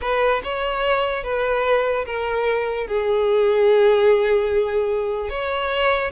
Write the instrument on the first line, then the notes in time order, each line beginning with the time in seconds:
violin
0.01 B4
0.43 C#5
1.23 B4
2.05 A#4
2.87 G#4
5.29 C#5